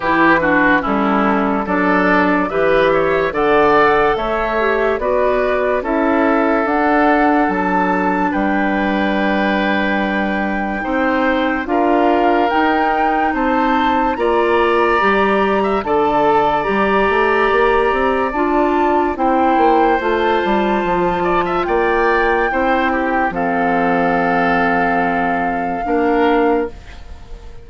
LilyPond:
<<
  \new Staff \with { instrumentName = "flute" } { \time 4/4 \tempo 4 = 72 b'4 a'4 d''4 e''4 | fis''4 e''4 d''4 e''4 | fis''4 a''4 g''2~ | g''2 f''4 g''4 |
a''4 ais''2 a''4 | ais''2 a''4 g''4 | a''2 g''2 | f''1 | }
  \new Staff \with { instrumentName = "oboe" } { \time 4/4 g'8 fis'8 e'4 a'4 b'8 cis''8 | d''4 cis''4 b'4 a'4~ | a'2 b'2~ | b'4 c''4 ais'2 |
c''4 d''4.~ d''16 e''16 d''4~ | d''2. c''4~ | c''4. d''16 e''16 d''4 c''8 g'8 | a'2. ais'4 | }
  \new Staff \with { instrumentName = "clarinet" } { \time 4/4 e'8 d'8 cis'4 d'4 g'4 | a'4. g'8 fis'4 e'4 | d'1~ | d'4 dis'4 f'4 dis'4~ |
dis'4 f'4 g'4 a'4 | g'2 f'4 e'4 | f'2. e'4 | c'2. d'4 | }
  \new Staff \with { instrumentName = "bassoon" } { \time 4/4 e4 g4 fis4 e4 | d4 a4 b4 cis'4 | d'4 fis4 g2~ | g4 c'4 d'4 dis'4 |
c'4 ais4 g4 d4 | g8 a8 ais8 c'8 d'4 c'8 ais8 | a8 g8 f4 ais4 c'4 | f2. ais4 | }
>>